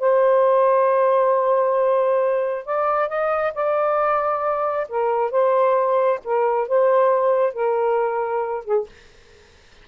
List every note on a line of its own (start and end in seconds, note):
0.00 2.66 C5
2.66 3.09 D5
3.09 3.54 D#5
3.55 4.88 D5
4.89 5.31 A#4
5.31 6.20 C5
6.24 6.69 A#4
6.69 7.54 C5
7.54 8.65 A#4
8.65 8.87 G#4